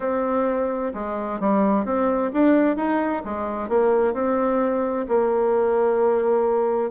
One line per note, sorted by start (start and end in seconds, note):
0.00 0.92 C4
0.94 1.40 G#3
1.40 1.85 G3
1.85 2.31 C4
2.33 2.76 D4
2.76 3.22 D#4
3.24 3.68 G#3
3.68 4.13 A#3
4.13 5.06 C4
5.08 6.90 A#3